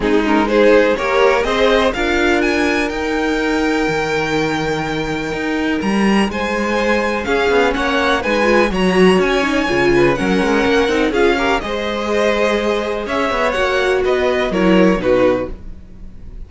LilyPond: <<
  \new Staff \with { instrumentName = "violin" } { \time 4/4 \tempo 4 = 124 gis'8 ais'8 c''4 cis''4 dis''4 | f''4 gis''4 g''2~ | g''1 | ais''4 gis''2 f''4 |
fis''4 gis''4 ais''4 gis''4~ | gis''4 fis''2 f''4 | dis''2. e''4 | fis''4 dis''4 cis''4 b'4 | }
  \new Staff \with { instrumentName = "violin" } { \time 4/4 dis'4 gis'4 ais'4 c''4 | ais'1~ | ais'1~ | ais'4 c''2 gis'4 |
cis''4 b'4 cis''2~ | cis''8 b'8 ais'2 gis'8 ais'8 | c''2. cis''4~ | cis''4 b'4 ais'4 fis'4 | }
  \new Staff \with { instrumentName = "viola" } { \time 4/4 c'8 cis'8 dis'4 g'4 gis'4 | f'2 dis'2~ | dis'1~ | dis'2. cis'4~ |
cis'4 dis'8 f'8 fis'4. dis'8 | f'4 cis'4. dis'8 f'8 g'8 | gis'1 | fis'2 e'4 dis'4 | }
  \new Staff \with { instrumentName = "cello" } { \time 4/4 gis2 ais4 c'4 | d'2 dis'2 | dis2. dis'4 | g4 gis2 cis'8 b8 |
ais4 gis4 fis4 cis'4 | cis4 fis8 gis8 ais8 c'8 cis'4 | gis2. cis'8 b8 | ais4 b4 fis4 b,4 | }
>>